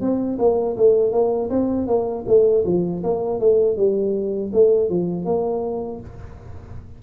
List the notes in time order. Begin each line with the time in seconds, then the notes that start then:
0.00 C4
0.38 A#3
0.76 A3
1.11 A#3
1.50 C4
1.87 A#3
2.26 A3
2.65 F3
3.03 A#3
3.39 A3
3.76 G3
4.52 A3
4.89 F3
5.25 A#3